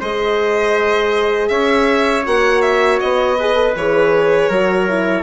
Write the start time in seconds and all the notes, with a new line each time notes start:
0.00 G#3 G#4 C5 D#5
1.48 C#4 C#5 E5
2.25 A#3 F#4 F#5
2.61 E5
3.00 B3 D#5
3.39 G#4 B4
3.55 A4
3.75 E3 G#4 C#5
4.49 F#3 F#4 A#4
4.88 E4